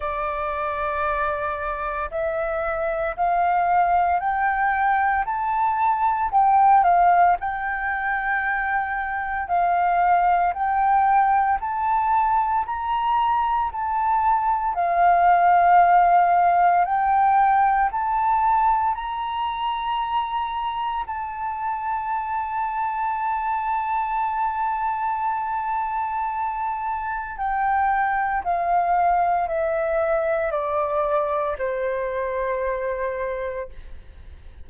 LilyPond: \new Staff \with { instrumentName = "flute" } { \time 4/4 \tempo 4 = 57 d''2 e''4 f''4 | g''4 a''4 g''8 f''8 g''4~ | g''4 f''4 g''4 a''4 | ais''4 a''4 f''2 |
g''4 a''4 ais''2 | a''1~ | a''2 g''4 f''4 | e''4 d''4 c''2 | }